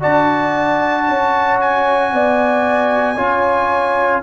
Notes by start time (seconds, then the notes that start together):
0.00 D4 F#4 D5 A5
1.08 C#4 C#5
1.60 G#5
2.12 B3 D5
3.16 C#4 F4 C#5